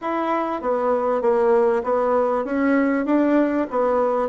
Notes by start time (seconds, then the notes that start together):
0.01 E4
0.61 B3
1.21 A#3
1.83 B3
2.44 C#4
3.05 D4
3.70 B3